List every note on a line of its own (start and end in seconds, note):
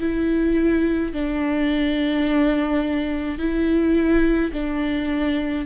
0.00 1.13 E4
1.13 3.39 D4
3.39 4.52 E4
4.53 5.66 D4